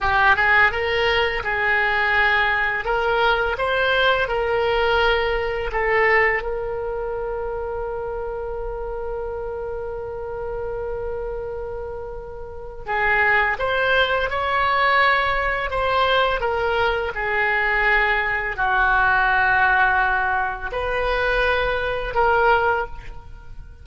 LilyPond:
\new Staff \with { instrumentName = "oboe" } { \time 4/4 \tempo 4 = 84 g'8 gis'8 ais'4 gis'2 | ais'4 c''4 ais'2 | a'4 ais'2.~ | ais'1~ |
ais'2 gis'4 c''4 | cis''2 c''4 ais'4 | gis'2 fis'2~ | fis'4 b'2 ais'4 | }